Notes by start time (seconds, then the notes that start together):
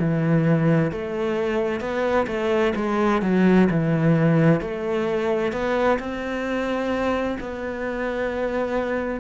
0.00 E3
0.92 A3
1.81 B3
2.27 A3
2.76 G#3
3.22 F#3
3.71 E3
4.61 A3
5.53 B3
6.00 C4
7.41 B3